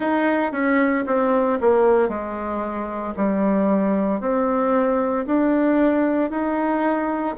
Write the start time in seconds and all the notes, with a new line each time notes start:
0.00 D#4
0.52 C#4
1.06 C4
1.60 A#3
2.08 G#3
3.16 G3
4.20 C4
5.26 D4
6.30 D#4